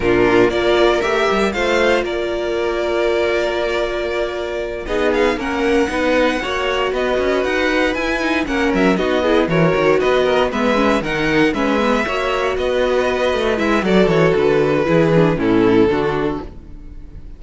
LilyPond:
<<
  \new Staff \with { instrumentName = "violin" } { \time 4/4 \tempo 4 = 117 ais'4 d''4 e''4 f''4 | d''1~ | d''4. dis''8 f''8 fis''4.~ | fis''4. dis''4 fis''4 gis''8~ |
gis''8 fis''8 e''8 dis''4 cis''4 dis''8~ | dis''8 e''4 fis''4 e''4.~ | e''8 dis''2 e''8 d''8 cis''8 | b'2 a'2 | }
  \new Staff \with { instrumentName = "violin" } { \time 4/4 f'4 ais'2 c''4 | ais'1~ | ais'4. gis'4 ais'4 b'8~ | b'8 cis''4 b'2~ b'8~ |
b'8 ais'4 fis'8 gis'8 ais'4 b'8 | ais'8 b'4 ais'4 b'4 cis''8~ | cis''8 b'2~ b'8 a'4~ | a'4 gis'4 e'4 fis'4 | }
  \new Staff \with { instrumentName = "viola" } { \time 4/4 d'4 f'4 g'4 f'4~ | f'1~ | f'4. dis'4 cis'4 dis'8~ | dis'8 fis'2. e'8 |
dis'8 cis'4 dis'8 e'8 fis'4.~ | fis'8 b8 cis'8 dis'4 cis'8 b8 fis'8~ | fis'2~ fis'8 e'8 fis'4~ | fis'4 e'8 d'8 cis'4 d'4 | }
  \new Staff \with { instrumentName = "cello" } { \time 4/4 ais,4 ais4 a8 g8 a4 | ais1~ | ais4. b4 ais4 b8~ | b8 ais4 b8 cis'8 dis'4 e'8~ |
e'8 ais8 fis8 b4 e8 dis8 b8~ | b8 gis4 dis4 gis4 ais8~ | ais8 b4. a8 gis8 fis8 e8 | d4 e4 a,4 d4 | }
>>